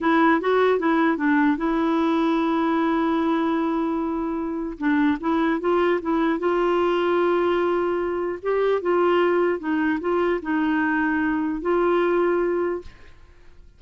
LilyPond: \new Staff \with { instrumentName = "clarinet" } { \time 4/4 \tempo 4 = 150 e'4 fis'4 e'4 d'4 | e'1~ | e'1 | d'4 e'4 f'4 e'4 |
f'1~ | f'4 g'4 f'2 | dis'4 f'4 dis'2~ | dis'4 f'2. | }